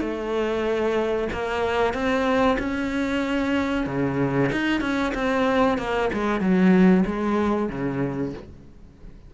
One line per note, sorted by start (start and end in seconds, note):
0.00 1.28 A3
1.32 1.93 A#3
1.93 2.57 C4
2.59 3.86 C#4
3.86 4.50 C#3
4.51 4.81 D#4
4.81 5.13 C#4
5.14 5.78 C4
5.78 6.10 A#3
6.13 6.40 G#3
6.40 7.04 F#3
7.06 7.69 G#3
7.69 8.33 C#3